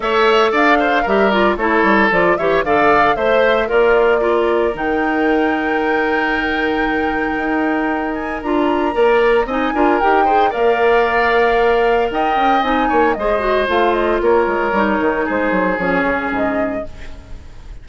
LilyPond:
<<
  \new Staff \with { instrumentName = "flute" } { \time 4/4 \tempo 4 = 114 e''4 f''4 e''8 d''8 cis''4 | d''8 e''8 f''4 e''4 d''4~ | d''4 g''2.~ | g''2.~ g''8 gis''8 |
ais''2 gis''4 g''4 | f''2. g''4 | gis''4 dis''4 f''8 dis''8 cis''4~ | cis''4 c''4 cis''4 dis''4 | }
  \new Staff \with { instrumentName = "oboe" } { \time 4/4 cis''4 d''8 c''8 ais'4 a'4~ | a'8 cis''8 d''4 c''4 f'4 | ais'1~ | ais'1~ |
ais'4 d''4 dis''8 ais'4 c''8 | d''2. dis''4~ | dis''8 cis''8 c''2 ais'4~ | ais'4 gis'2. | }
  \new Staff \with { instrumentName = "clarinet" } { \time 4/4 a'2 g'8 f'8 e'4 | f'8 g'8 a'4 c''4 ais'4 | f'4 dis'2.~ | dis'1 |
f'4 ais'4 dis'8 f'8 g'8 gis'8 | ais'1 | dis'4 gis'8 fis'8 f'2 | dis'2 cis'2 | }
  \new Staff \with { instrumentName = "bassoon" } { \time 4/4 a4 d'4 g4 a8 g8 | f8 e8 d4 a4 ais4~ | ais4 dis2.~ | dis2 dis'2 |
d'4 ais4 c'8 d'8 dis'4 | ais2. dis'8 cis'8 | c'8 ais8 gis4 a4 ais8 gis8 | g8 dis8 gis8 fis8 f8 cis8 gis,4 | }
>>